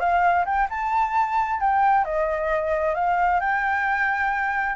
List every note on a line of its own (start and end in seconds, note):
0.00 0.45 F5
0.46 0.68 G5
0.70 1.60 A5
1.60 2.05 G5
2.05 2.95 D#5
2.95 3.40 F5
3.40 4.76 G5